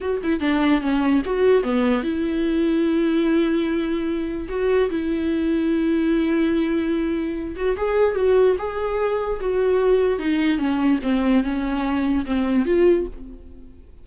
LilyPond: \new Staff \with { instrumentName = "viola" } { \time 4/4 \tempo 4 = 147 fis'8 e'8 d'4 cis'4 fis'4 | b4 e'2.~ | e'2. fis'4 | e'1~ |
e'2~ e'8 fis'8 gis'4 | fis'4 gis'2 fis'4~ | fis'4 dis'4 cis'4 c'4 | cis'2 c'4 f'4 | }